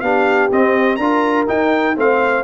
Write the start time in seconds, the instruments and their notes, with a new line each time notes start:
0.00 tuba B3, trombone D4, horn G4, trumpet F5
0.51 trombone C4, tuba C4, trumpet D#5
0.96 tuba D4, trombone F4, horn A#4, trumpet A#5
1.47 trombone D#4, tuba D#4, trumpet G5
1.96 tuba A3, trombone C4, horn C5, trumpet F5